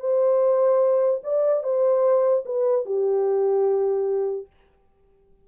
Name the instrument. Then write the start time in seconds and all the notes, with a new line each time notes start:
horn
0.00 C5
1.23 D5
1.63 C5
2.45 B4
2.86 G4